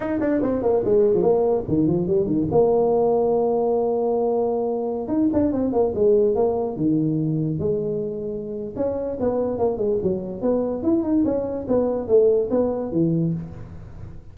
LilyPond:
\new Staff \with { instrumentName = "tuba" } { \time 4/4 \tempo 4 = 144 dis'8 d'8 c'8 ais8 gis8. f16 ais4 | dis8 f8 g8 dis8 ais2~ | ais1~ | ais16 dis'8 d'8 c'8 ais8 gis4 ais8.~ |
ais16 dis2 gis4.~ gis16~ | gis4 cis'4 b4 ais8 gis8 | fis4 b4 e'8 dis'8 cis'4 | b4 a4 b4 e4 | }